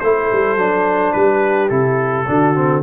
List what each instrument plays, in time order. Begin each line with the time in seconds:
0.00 tuba A3, trombone E4, horn A4, trumpet C5
0.33 tuba G3
0.56 tuba F#3, trombone D4
1.12 tuba G3, horn G4, trumpet B4
1.69 tuba C3, trombone E4, trumpet A4
2.27 tuba D3, trombone D4, horn F#4
2.55 trombone C4